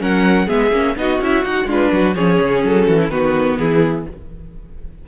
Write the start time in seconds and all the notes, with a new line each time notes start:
0.00 F#3 C#4 A#4 F#5
0.47 G#3 B3 G#4 E5
0.72 A#3 C#4
0.97 B3 D#4 F#4 D#5
1.20 C#4 E4 E5
1.44 D#4 F#4 F#5
1.65 G#3 D4 F4
1.72 B4
1.92 F#3 F#4
2.15 F3 C#4 G#4 C#5
2.41 C#3
2.64 F#3 A4
2.87 E3 F#4
3.00 E4
3.09 D#3 B3 F#4 B4
3.58 E3 E4 G#4